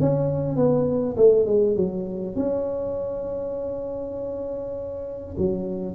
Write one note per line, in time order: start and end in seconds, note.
0.00 0.56 C#4
0.56 1.16 B3
1.17 1.46 A3
1.46 1.76 G#3
1.76 2.36 F#3
2.36 5.36 C#4
5.37 5.94 F#3